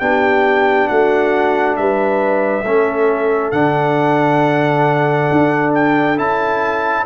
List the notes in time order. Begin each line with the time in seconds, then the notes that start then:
0.00 B3 D4 G4 G5
0.88 A3 F#4 F#5
1.77 G3 B4 E5
2.64 A3 C#4 A4
3.52 D3 D4 F#5
5.31 D4
5.74 G5
6.17 C#4 E4 A5